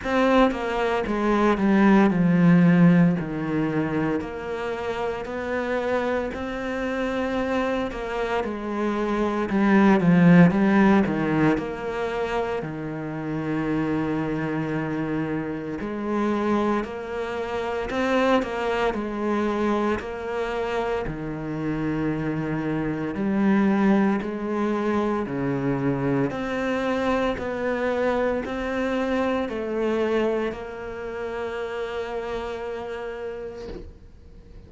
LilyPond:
\new Staff \with { instrumentName = "cello" } { \time 4/4 \tempo 4 = 57 c'8 ais8 gis8 g8 f4 dis4 | ais4 b4 c'4. ais8 | gis4 g8 f8 g8 dis8 ais4 | dis2. gis4 |
ais4 c'8 ais8 gis4 ais4 | dis2 g4 gis4 | cis4 c'4 b4 c'4 | a4 ais2. | }